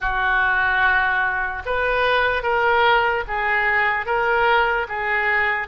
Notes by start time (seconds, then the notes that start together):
0.00 F#4
1.65 B4
2.43 A#4
3.27 G#4
4.05 A#4
4.88 G#4